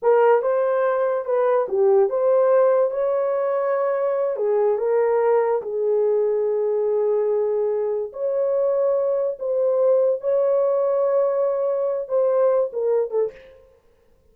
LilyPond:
\new Staff \with { instrumentName = "horn" } { \time 4/4 \tempo 4 = 144 ais'4 c''2 b'4 | g'4 c''2 cis''4~ | cis''2~ cis''8 gis'4 ais'8~ | ais'4. gis'2~ gis'8~ |
gis'2.~ gis'8 cis''8~ | cis''2~ cis''8 c''4.~ | c''8 cis''2.~ cis''8~ | cis''4 c''4. ais'4 a'8 | }